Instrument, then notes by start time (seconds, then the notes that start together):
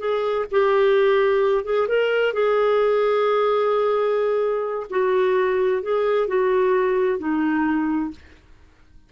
clarinet
0.00 G#4
0.51 G4
1.65 G#4
1.88 A#4
2.33 G#4
4.90 F#4
5.83 G#4
6.28 F#4
7.19 D#4